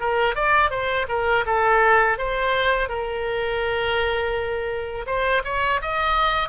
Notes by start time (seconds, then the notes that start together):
0.00 A#4
0.35 D5
0.70 C5
1.08 A#4
1.46 A4
2.18 C5
2.89 A#4
5.06 C5
5.44 C#5
5.82 D#5